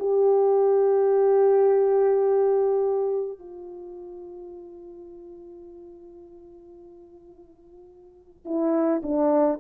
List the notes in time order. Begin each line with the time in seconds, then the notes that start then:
0.00 G4
3.39 F4
8.45 E4
9.04 D4